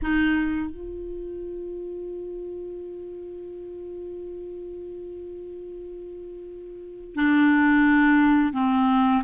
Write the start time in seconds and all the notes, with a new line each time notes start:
0.02 D#4
0.70 F4
7.15 D4
8.53 C4